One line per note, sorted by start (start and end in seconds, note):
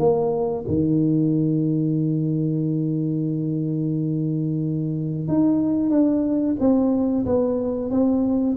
0.00 0.66 A#3
0.68 5.28 D#3
5.28 5.90 D#4
5.90 6.56 D4
6.60 7.26 C4
7.26 7.92 B3
7.92 8.57 C4